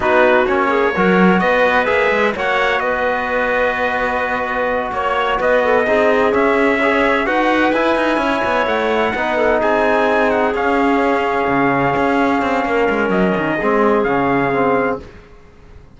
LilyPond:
<<
  \new Staff \with { instrumentName = "trumpet" } { \time 4/4 \tempo 4 = 128 b'4 cis''2 dis''4 | e''4 fis''4 dis''2~ | dis''2~ dis''8 cis''4 dis''8~ | dis''4. e''2 fis''8~ |
fis''8 gis''2 fis''4.~ | fis''8 gis''4. fis''8 f''4.~ | f''1 | dis''2 f''2 | }
  \new Staff \with { instrumentName = "clarinet" } { \time 4/4 fis'4. gis'8 ais'4 b'4~ | b'4 cis''4 b'2~ | b'2~ b'8 cis''4 b'8 | a'8 gis'2 cis''4 b'8~ |
b'4. cis''2 b'8 | a'8 gis'2.~ gis'8~ | gis'2. ais'4~ | ais'4 gis'2. | }
  \new Staff \with { instrumentName = "trombone" } { \time 4/4 dis'4 cis'4 fis'2 | gis'4 fis'2.~ | fis'1~ | fis'8 dis'4 cis'4 gis'4 fis'8~ |
fis'8 e'2. dis'8~ | dis'2~ dis'8 cis'4.~ | cis'1~ | cis'4 c'4 cis'4 c'4 | }
  \new Staff \with { instrumentName = "cello" } { \time 4/4 b4 ais4 fis4 b4 | ais8 gis8 ais4 b2~ | b2~ b8 ais4 b8~ | b8 c'4 cis'2 dis'8~ |
dis'8 e'8 dis'8 cis'8 b8 a4 b8~ | b8 c'2 cis'4.~ | cis'8 cis4 cis'4 c'8 ais8 gis8 | fis8 dis8 gis4 cis2 | }
>>